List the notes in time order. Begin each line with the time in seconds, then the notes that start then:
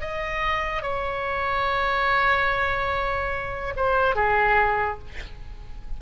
0.00 D#5
0.81 C#5
3.76 C5
4.15 G#4